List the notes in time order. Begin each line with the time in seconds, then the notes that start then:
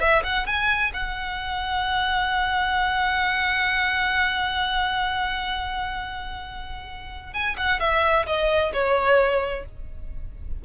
0.00 E5
0.24 F#5
0.46 G#5
0.94 F#5
7.33 G#5
7.57 F#5
7.80 E5
8.26 D#5
8.73 C#5